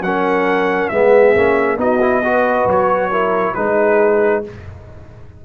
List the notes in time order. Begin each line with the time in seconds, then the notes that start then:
0.00 F#3 C#4 A#4 F#5
0.88 G#3 B3 G#4 E5
1.35 A#3 C#4
1.77 B3 D#4 F#4 D#5
2.00 E4
2.23 F#4 B4
2.66 F#3 C#5
3.11 E4 A#4
3.54 G#3 D#4 G#4 B4